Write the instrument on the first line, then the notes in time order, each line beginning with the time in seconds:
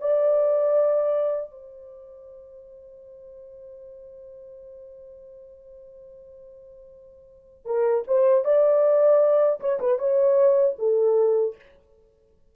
horn
0.00 D5
1.51 C5
7.65 A#4
8.07 C5
8.44 D5
9.60 C#5
9.80 B4
9.98 C#5
10.78 A4